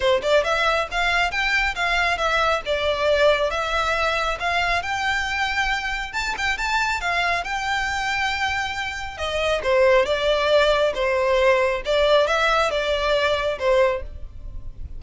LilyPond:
\new Staff \with { instrumentName = "violin" } { \time 4/4 \tempo 4 = 137 c''8 d''8 e''4 f''4 g''4 | f''4 e''4 d''2 | e''2 f''4 g''4~ | g''2 a''8 g''8 a''4 |
f''4 g''2.~ | g''4 dis''4 c''4 d''4~ | d''4 c''2 d''4 | e''4 d''2 c''4 | }